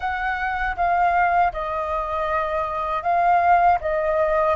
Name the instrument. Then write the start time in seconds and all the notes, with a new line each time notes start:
flute
0.00 F#5
0.76 F5
1.52 D#5
3.02 F5
3.80 D#5